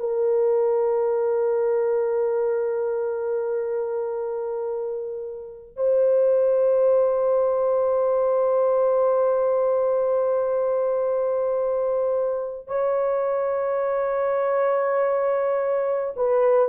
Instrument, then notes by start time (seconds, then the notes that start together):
horn
0.00 A#4
5.76 C5
12.68 C#5
16.17 B4